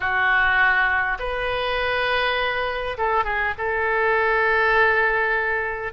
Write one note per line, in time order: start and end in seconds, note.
0.00 1.17 F#4
1.19 2.97 B4
2.97 3.24 A4
3.24 3.54 G#4
3.58 5.92 A4